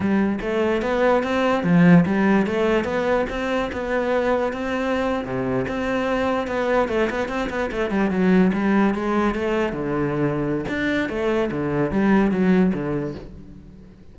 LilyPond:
\new Staff \with { instrumentName = "cello" } { \time 4/4 \tempo 4 = 146 g4 a4 b4 c'4 | f4 g4 a4 b4 | c'4 b2 c'4~ | c'8. c4 c'2 b16~ |
b8. a8 b8 c'8 b8 a8 g8 fis16~ | fis8. g4 gis4 a4 d16~ | d2 d'4 a4 | d4 g4 fis4 d4 | }